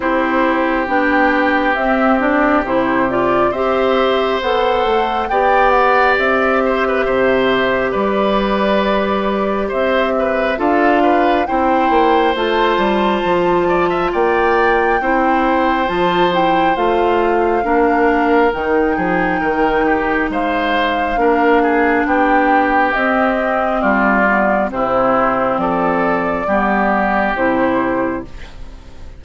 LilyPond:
<<
  \new Staff \with { instrumentName = "flute" } { \time 4/4 \tempo 4 = 68 c''4 g''4 e''8 d''8 c''8 d''8 | e''4 fis''4 g''8 fis''8 e''4~ | e''4 d''2 e''4 | f''4 g''4 a''2 |
g''2 a''8 g''8 f''4~ | f''4 g''2 f''4~ | f''4 g''4 dis''4 d''4 | c''4 d''2 c''4 | }
  \new Staff \with { instrumentName = "oboe" } { \time 4/4 g'1 | c''2 d''4. c''16 b'16 | c''4 b'2 c''8 b'8 | a'8 b'8 c''2~ c''8 d''16 e''16 |
d''4 c''2. | ais'4. gis'8 ais'8 g'8 c''4 | ais'8 gis'8 g'2 f'4 | e'4 a'4 g'2 | }
  \new Staff \with { instrumentName = "clarinet" } { \time 4/4 e'4 d'4 c'8 d'8 e'8 f'8 | g'4 a'4 g'2~ | g'1 | f'4 e'4 f'2~ |
f'4 e'4 f'8 e'8 f'4 | d'4 dis'2. | d'2 c'4. b8 | c'2 b4 e'4 | }
  \new Staff \with { instrumentName = "bassoon" } { \time 4/4 c'4 b4 c'4 c4 | c'4 b8 a8 b4 c'4 | c4 g2 c'4 | d'4 c'8 ais8 a8 g8 f4 |
ais4 c'4 f4 a4 | ais4 dis8 f8 dis4 gis4 | ais4 b4 c'4 g4 | c4 f4 g4 c4 | }
>>